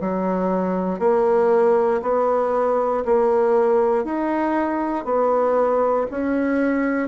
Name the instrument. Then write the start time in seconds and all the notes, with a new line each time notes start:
bassoon
0.00 F#3
0.99 A#3
2.02 B3
3.05 A#3
4.04 D#4
5.04 B3
6.11 C#4